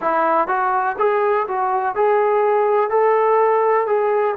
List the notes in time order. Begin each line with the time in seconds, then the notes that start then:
0.01 E4
0.48 F#4
0.98 G#4
1.47 F#4
1.95 G#4
2.89 A4
3.87 G#4